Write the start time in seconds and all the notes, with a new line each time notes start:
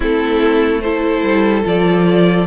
0.00 A3 C4 E4 A4
0.80 E4 A4 C5
1.22 G3
1.64 F3 F4 D5